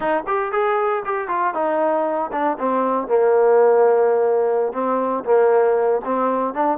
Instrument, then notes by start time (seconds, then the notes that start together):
trombone
0.00 D#4
0.26 G4
0.52 G#4
1.05 G4
1.28 F4
1.54 D#4
2.31 D4
2.58 C4
3.07 A#3
4.72 C4
5.24 A#3
6.04 C4
6.54 D4